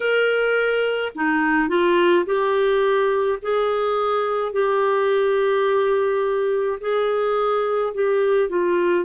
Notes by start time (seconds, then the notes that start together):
0.00 A#4
1.15 D#4
1.68 F4
2.25 G4
3.42 G#4
4.52 G4
6.80 G#4
7.93 G4
8.49 F4